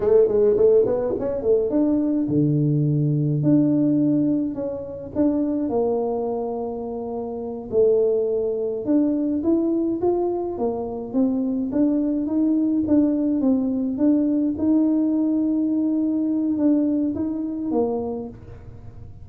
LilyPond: \new Staff \with { instrumentName = "tuba" } { \time 4/4 \tempo 4 = 105 a8 gis8 a8 b8 cis'8 a8 d'4 | d2 d'2 | cis'4 d'4 ais2~ | ais4. a2 d'8~ |
d'8 e'4 f'4 ais4 c'8~ | c'8 d'4 dis'4 d'4 c'8~ | c'8 d'4 dis'2~ dis'8~ | dis'4 d'4 dis'4 ais4 | }